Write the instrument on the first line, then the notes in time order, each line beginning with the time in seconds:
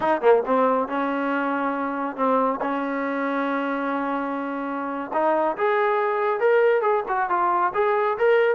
trombone
0.00 D#4
0.21 A#3
0.46 C4
0.88 C#4
2.16 C4
2.61 C#4
5.13 D#4
5.57 G#4
6.39 A#4
6.81 G#4
7.08 F#4
7.29 F4
7.74 G#4
8.18 A#4